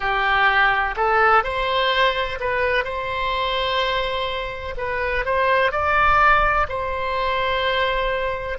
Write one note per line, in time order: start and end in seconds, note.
0.00 0.95 G4
0.96 1.43 A4
1.43 2.38 C5
2.40 2.84 B4
2.84 4.74 C5
4.77 5.25 B4
5.25 5.71 C5
5.71 6.67 D5
6.68 8.58 C5